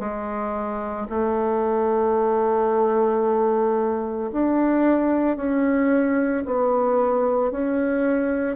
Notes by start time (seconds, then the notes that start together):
0.00 G#3
1.10 A3
4.32 D4
5.37 C#4
6.45 B3
7.51 C#4